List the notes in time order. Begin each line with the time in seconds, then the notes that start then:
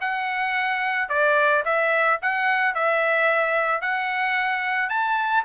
0.00 F#5
1.09 D5
1.65 E5
2.21 F#5
2.74 E5
3.81 F#5
4.89 A5